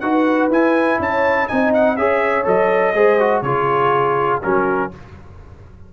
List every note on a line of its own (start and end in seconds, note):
0.00 0.50 D#4
0.00 0.51 F#4
0.00 1.01 B4
0.00 0.49 F#5
0.50 0.99 E4
0.50 1.48 E4
0.50 1.01 G#5
0.99 1.48 C#4
0.99 1.50 C#5
0.99 1.48 A5
1.48 1.97 C4
1.48 1.97 D#4
1.48 1.99 D#5
1.48 1.73 G#5
1.74 1.97 F#5
1.97 2.46 C#4
1.97 2.45 G#4
1.97 2.95 C#5
1.97 2.46 E5
2.45 2.94 F#3
2.45 2.93 A4
2.45 3.42 D#5
2.94 3.42 G#3
2.94 3.20 G#4
2.94 3.44 C5
3.20 3.44 F#4
3.42 4.40 C#3
3.42 4.42 F4
3.42 4.43 G#4
3.42 4.40 C#5
4.42 4.93 F#3
4.42 4.91 C#4
4.42 4.92 F#4
4.42 4.92 A#4